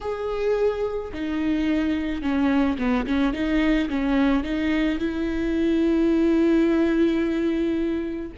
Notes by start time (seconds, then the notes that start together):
0.01 G#4
1.13 D#4
2.21 C#4
2.78 B3
3.06 C#4
3.33 D#4
3.89 C#4
4.43 D#4
4.98 E4